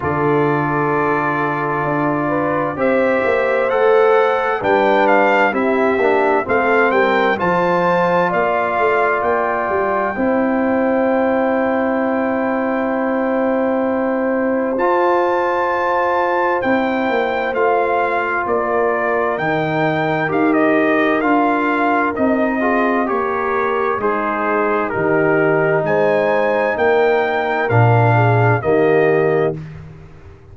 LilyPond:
<<
  \new Staff \with { instrumentName = "trumpet" } { \time 4/4 \tempo 4 = 65 d''2. e''4 | fis''4 g''8 f''8 e''4 f''8 g''8 | a''4 f''4 g''2~ | g''1 |
a''2 g''4 f''4 | d''4 g''4 f''16 dis''8. f''4 | dis''4 cis''4 c''4 ais'4 | gis''4 g''4 f''4 dis''4 | }
  \new Staff \with { instrumentName = "horn" } { \time 4/4 a'2~ a'8 b'8 c''4~ | c''4 b'4 g'4 a'8 ais'8 | c''4 d''2 c''4~ | c''1~ |
c''1 | ais'1~ | ais'8 gis'8 ais'4 dis'4 g'4 | c''4 ais'4. gis'8 g'4 | }
  \new Staff \with { instrumentName = "trombone" } { \time 4/4 f'2. g'4 | a'4 d'4 e'8 d'8 c'4 | f'2. e'4~ | e'1 |
f'2 e'4 f'4~ | f'4 dis'4 g'4 f'4 | dis'8 f'8 g'4 gis'4 dis'4~ | dis'2 d'4 ais4 | }
  \new Staff \with { instrumentName = "tuba" } { \time 4/4 d2 d'4 c'8 ais8 | a4 g4 c'8 ais8 a8 g8 | f4 ais8 a8 ais8 g8 c'4~ | c'1 |
f'2 c'8 ais8 a4 | ais4 dis4 dis'4 d'4 | c'4 ais4 gis4 dis4 | gis4 ais4 ais,4 dis4 | }
>>